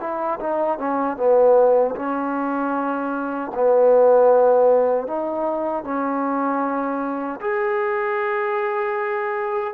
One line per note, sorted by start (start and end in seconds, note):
0.00 0.39 E4
0.40 0.78 D#4
0.78 1.17 C#4
1.17 1.95 B3
1.96 3.51 C#4
3.55 5.07 B3
5.07 5.84 D#4
5.84 7.40 C#4
7.41 9.74 G#4